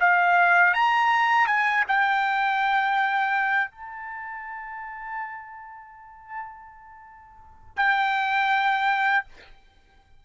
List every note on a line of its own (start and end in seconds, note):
0.00 0.74 F5
0.74 1.47 A#5
1.47 1.84 G#5
1.88 3.71 G5
3.71 7.77 A5
7.77 9.25 G5